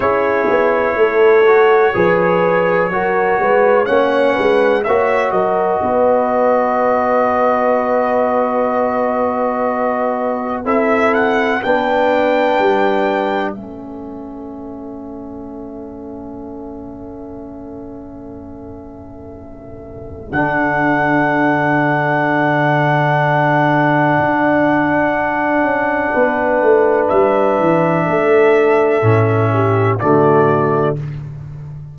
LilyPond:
<<
  \new Staff \with { instrumentName = "trumpet" } { \time 4/4 \tempo 4 = 62 cis''1 | fis''4 e''8 dis''2~ dis''8~ | dis''2. e''8 fis''8 | g''2 e''2~ |
e''1~ | e''4 fis''2.~ | fis''1 | e''2. d''4 | }
  \new Staff \with { instrumentName = "horn" } { \time 4/4 gis'4 a'4 b'4 ais'8 b'8 | cis''8 b'8 cis''8 ais'8 b'2~ | b'2. a'4 | b'2 a'2~ |
a'1~ | a'1~ | a'2. b'4~ | b'4 a'4. g'8 fis'4 | }
  \new Staff \with { instrumentName = "trombone" } { \time 4/4 e'4. fis'8 gis'4 fis'4 | cis'4 fis'2.~ | fis'2. e'4 | d'2 cis'2~ |
cis'1~ | cis'4 d'2.~ | d'1~ | d'2 cis'4 a4 | }
  \new Staff \with { instrumentName = "tuba" } { \time 4/4 cis'8 b8 a4 f4 fis8 gis8 | ais8 gis8 ais8 fis8 b2~ | b2. c'4 | b4 g4 a2~ |
a1~ | a4 d2.~ | d4 d'4. cis'8 b8 a8 | g8 e8 a4 a,4 d4 | }
>>